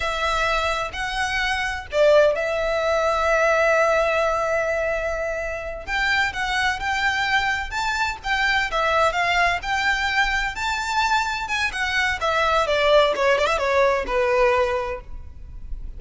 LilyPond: \new Staff \with { instrumentName = "violin" } { \time 4/4 \tempo 4 = 128 e''2 fis''2 | d''4 e''2.~ | e''1~ | e''8 g''4 fis''4 g''4.~ |
g''8 a''4 g''4 e''4 f''8~ | f''8 g''2 a''4.~ | a''8 gis''8 fis''4 e''4 d''4 | cis''8 d''16 e''16 cis''4 b'2 | }